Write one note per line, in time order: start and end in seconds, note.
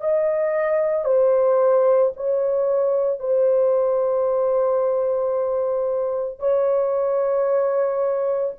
0.00 1.05 D#5
1.05 2.12 C5
2.16 3.19 C#5
3.19 6.39 C5
6.39 8.53 C#5